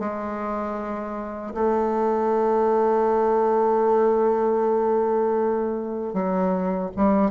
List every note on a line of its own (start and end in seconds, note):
0.00 1.54 G#3
1.54 6.14 A3
6.14 6.91 F#3
6.97 7.31 G3